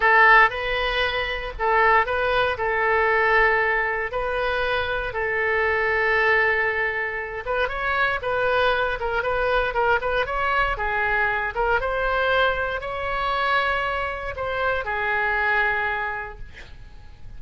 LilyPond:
\new Staff \with { instrumentName = "oboe" } { \time 4/4 \tempo 4 = 117 a'4 b'2 a'4 | b'4 a'2. | b'2 a'2~ | a'2~ a'8 b'8 cis''4 |
b'4. ais'8 b'4 ais'8 b'8 | cis''4 gis'4. ais'8 c''4~ | c''4 cis''2. | c''4 gis'2. | }